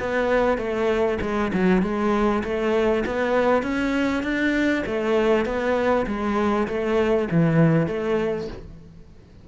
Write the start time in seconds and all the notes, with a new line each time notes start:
0.00 B3
0.58 A3
1.21 G#3
1.53 F#3
1.82 G#3
2.44 A3
3.06 B3
3.62 C#4
4.23 D4
4.86 A3
5.45 B3
6.07 G#3
6.68 A3
7.31 E3
7.87 A3